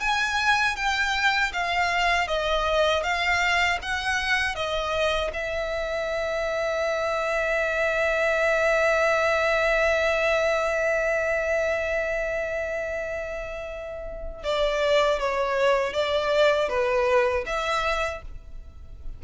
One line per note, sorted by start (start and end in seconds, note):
0.00 0.76 G#5
0.76 1.52 G5
1.53 2.28 F5
2.28 3.03 D#5
3.03 3.79 F5
3.82 4.55 F#5
4.55 5.31 D#5
5.33 14.44 E5
14.44 15.19 D5
15.19 15.93 C#5
15.93 16.69 D5
16.69 17.45 B4
17.46 18.22 E5